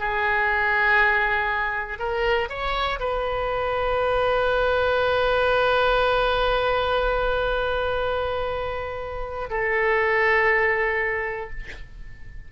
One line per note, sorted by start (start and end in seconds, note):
0.00 1.99 G#4
1.99 2.49 A#4
2.49 2.99 C#5
3.00 9.50 B4
9.50 11.50 A4